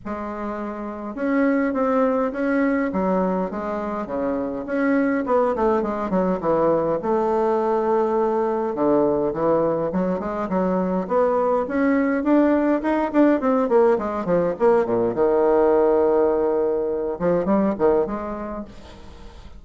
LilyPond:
\new Staff \with { instrumentName = "bassoon" } { \time 4/4 \tempo 4 = 103 gis2 cis'4 c'4 | cis'4 fis4 gis4 cis4 | cis'4 b8 a8 gis8 fis8 e4 | a2. d4 |
e4 fis8 gis8 fis4 b4 | cis'4 d'4 dis'8 d'8 c'8 ais8 | gis8 f8 ais8 ais,8 dis2~ | dis4. f8 g8 dis8 gis4 | }